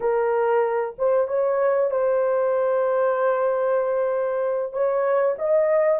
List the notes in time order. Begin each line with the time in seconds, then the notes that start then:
0.00 A#4
0.98 C5
1.27 C#5
1.90 C5
4.72 C#5
5.38 D#5